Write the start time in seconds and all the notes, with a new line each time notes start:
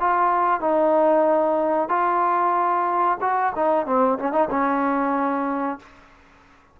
0.00 F4
0.60 D#4
1.89 F4
3.21 F#4
3.56 D#4
3.86 C4
4.19 C#4
4.32 D#4
4.50 C#4